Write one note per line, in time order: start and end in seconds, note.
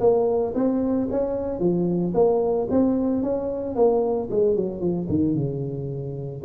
0.00 0.54 A#3
0.55 1.09 C4
1.11 1.60 C#4
1.60 2.13 F3
2.15 2.68 A#3
2.71 3.23 C4
3.23 3.76 C#4
3.76 4.29 A#3
4.31 4.56 G#3
4.56 4.81 F#3
4.81 5.08 F3
5.09 5.35 D#3
5.35 6.42 C#3